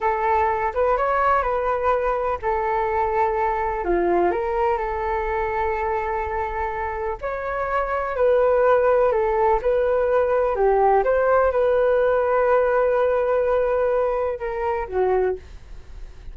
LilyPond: \new Staff \with { instrumentName = "flute" } { \time 4/4 \tempo 4 = 125 a'4. b'8 cis''4 b'4~ | b'4 a'2. | f'4 ais'4 a'2~ | a'2. cis''4~ |
cis''4 b'2 a'4 | b'2 g'4 c''4 | b'1~ | b'2 ais'4 fis'4 | }